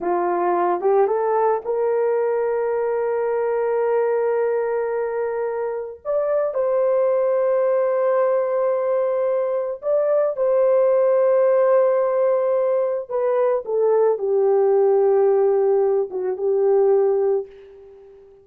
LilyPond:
\new Staff \with { instrumentName = "horn" } { \time 4/4 \tempo 4 = 110 f'4. g'8 a'4 ais'4~ | ais'1~ | ais'2. d''4 | c''1~ |
c''2 d''4 c''4~ | c''1 | b'4 a'4 g'2~ | g'4. fis'8 g'2 | }